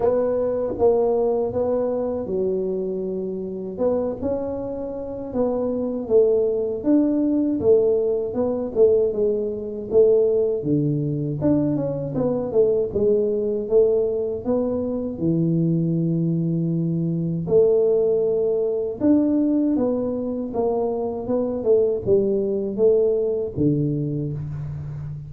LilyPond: \new Staff \with { instrumentName = "tuba" } { \time 4/4 \tempo 4 = 79 b4 ais4 b4 fis4~ | fis4 b8 cis'4. b4 | a4 d'4 a4 b8 a8 | gis4 a4 d4 d'8 cis'8 |
b8 a8 gis4 a4 b4 | e2. a4~ | a4 d'4 b4 ais4 | b8 a8 g4 a4 d4 | }